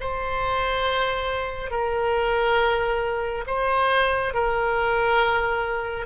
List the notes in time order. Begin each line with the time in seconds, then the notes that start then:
0.00 C5
1.71 A#4
3.47 C5
4.34 A#4